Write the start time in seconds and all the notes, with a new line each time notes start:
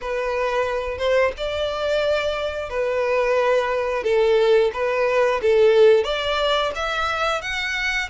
0.01 B4
0.98 C5
1.37 D5
2.69 B4
4.03 A4
4.73 B4
5.41 A4
6.04 D5
6.75 E5
7.41 F#5